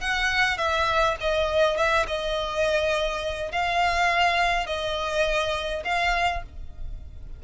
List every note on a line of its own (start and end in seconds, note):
0.00 0.57 F#5
0.57 1.16 E5
1.20 1.77 D#5
1.77 2.06 E5
2.07 3.51 D#5
3.51 4.66 F5
4.66 5.83 D#5
5.84 6.43 F5